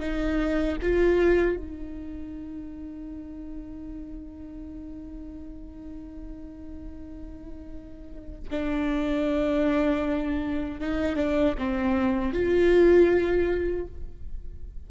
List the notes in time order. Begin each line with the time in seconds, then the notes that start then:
0.00 D#4
0.82 F4
1.57 D#4
8.50 D4
10.81 D#4
11.16 D4
11.58 C4
12.33 F4